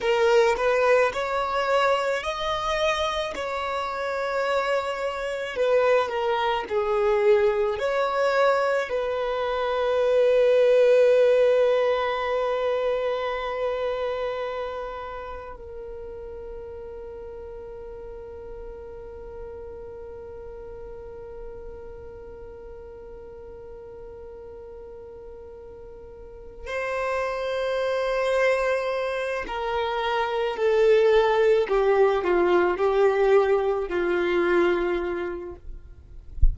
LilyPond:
\new Staff \with { instrumentName = "violin" } { \time 4/4 \tempo 4 = 54 ais'8 b'8 cis''4 dis''4 cis''4~ | cis''4 b'8 ais'8 gis'4 cis''4 | b'1~ | b'2 ais'2~ |
ais'1~ | ais'1 | c''2~ c''8 ais'4 a'8~ | a'8 g'8 f'8 g'4 f'4. | }